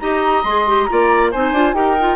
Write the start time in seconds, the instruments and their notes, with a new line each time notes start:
0.00 bassoon D#4, clarinet G4, oboe D#5, flute A#5
0.44 bassoon G#3, clarinet G#4, flute C6
0.68 clarinet G4
0.85 clarinet F4, flute A#5
0.92 bassoon A#3, oboe D5
1.32 bassoon C4, clarinet D#4, oboe C5, flute G#5
1.52 bassoon D4, clarinet F4
1.74 bassoon D#4, clarinet G4, oboe A#4, flute G5
2.00 clarinet F4